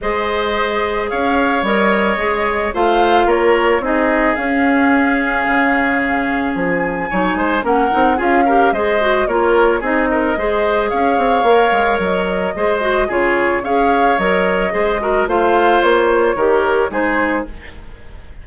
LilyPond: <<
  \new Staff \with { instrumentName = "flute" } { \time 4/4 \tempo 4 = 110 dis''2 f''4 dis''4~ | dis''4 f''4 cis''4 dis''4 | f''1 | gis''2 fis''4 f''4 |
dis''4 cis''4 dis''2 | f''2 dis''2 | cis''4 f''4 dis''2 | f''4 cis''2 c''4 | }
  \new Staff \with { instrumentName = "oboe" } { \time 4/4 c''2 cis''2~ | cis''4 c''4 ais'4 gis'4~ | gis'1~ | gis'4 cis''8 c''8 ais'4 gis'8 ais'8 |
c''4 ais'4 gis'8 ais'8 c''4 | cis''2. c''4 | gis'4 cis''2 c''8 ais'8 | c''2 ais'4 gis'4 | }
  \new Staff \with { instrumentName = "clarinet" } { \time 4/4 gis'2. ais'4 | gis'4 f'2 dis'4 | cis'1~ | cis'4 dis'4 cis'8 dis'8 f'8 g'8 |
gis'8 fis'8 f'4 dis'4 gis'4~ | gis'4 ais'2 gis'8 fis'8 | f'4 gis'4 ais'4 gis'8 fis'8 | f'2 g'4 dis'4 | }
  \new Staff \with { instrumentName = "bassoon" } { \time 4/4 gis2 cis'4 g4 | gis4 a4 ais4 c'4 | cis'2 cis2 | f4 fis8 gis8 ais8 c'8 cis'4 |
gis4 ais4 c'4 gis4 | cis'8 c'8 ais8 gis8 fis4 gis4 | cis4 cis'4 fis4 gis4 | a4 ais4 dis4 gis4 | }
>>